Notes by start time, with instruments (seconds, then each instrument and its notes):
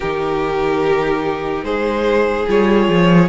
0.00 cello D#3, viola D#4, violin G4 A#4
1.63 cello G#3, violin G#4 C5
2.48 cello G3, viola F4, violin C#5
2.88 cello F3